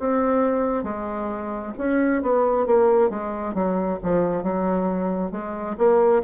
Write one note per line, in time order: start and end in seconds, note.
0.00 0.84 C4
0.84 1.73 G#3
1.78 2.23 C#4
2.23 2.67 B3
2.67 3.10 A#3
3.10 3.55 G#3
3.55 3.99 F#3
4.04 4.43 F3
4.43 5.32 F#3
5.32 5.77 G#3
5.78 6.23 A#3